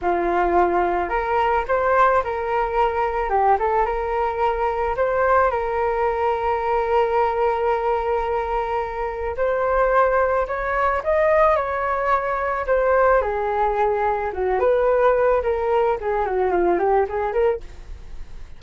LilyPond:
\new Staff \with { instrumentName = "flute" } { \time 4/4 \tempo 4 = 109 f'2 ais'4 c''4 | ais'2 g'8 a'8 ais'4~ | ais'4 c''4 ais'2~ | ais'1~ |
ais'4 c''2 cis''4 | dis''4 cis''2 c''4 | gis'2 fis'8 b'4. | ais'4 gis'8 fis'8 f'8 g'8 gis'8 ais'8 | }